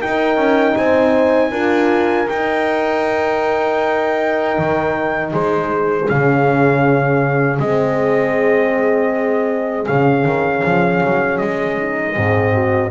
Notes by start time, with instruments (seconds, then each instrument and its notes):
0.00 horn D#4 A#4, double bass D#4, trumpet G5
0.36 double bass C#4
0.76 double bass C4, horn C5, trumpet G#5
1.51 double bass D4, horn F4 A#4
2.28 horn D#4, double bass D#4, trumpet G5
4.58 double bass D#3
5.31 double bass G#3, horn G#4, trumpet C5
6.08 double bass C#3, horn C#4, trumpet F5
7.59 double bass G#3, horn C4, trumpet D#5
9.86 double bass C#3, horn C#4, trumpet F5
10.25 double bass D#3
10.63 double bass F3
11.03 double bass F#3
11.38 double bass G#3, trumpet D#5
11.79 horn D#4
12.15 double bass G#2, horn C4 G#4
12.53 horn F#4